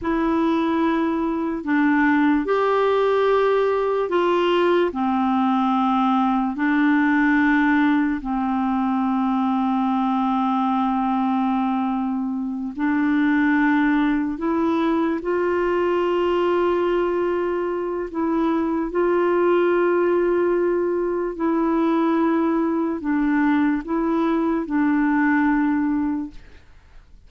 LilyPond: \new Staff \with { instrumentName = "clarinet" } { \time 4/4 \tempo 4 = 73 e'2 d'4 g'4~ | g'4 f'4 c'2 | d'2 c'2~ | c'2.~ c'8 d'8~ |
d'4. e'4 f'4.~ | f'2 e'4 f'4~ | f'2 e'2 | d'4 e'4 d'2 | }